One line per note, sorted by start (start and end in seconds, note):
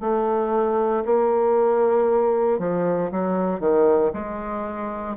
0.00 1.03 A3
1.05 2.59 A#3
2.59 3.10 F3
3.11 3.60 F#3
3.60 4.11 D#3
4.13 5.16 G#3